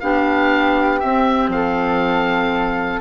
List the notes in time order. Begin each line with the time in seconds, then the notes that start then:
0.00 B3 D4 G4 F5
1.00 C4 E5
1.48 F3 F5
1.54 A4